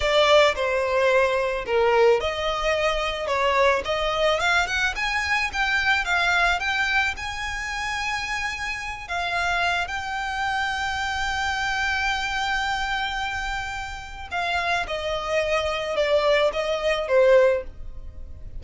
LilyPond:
\new Staff \with { instrumentName = "violin" } { \time 4/4 \tempo 4 = 109 d''4 c''2 ais'4 | dis''2 cis''4 dis''4 | f''8 fis''8 gis''4 g''4 f''4 | g''4 gis''2.~ |
gis''8 f''4. g''2~ | g''1~ | g''2 f''4 dis''4~ | dis''4 d''4 dis''4 c''4 | }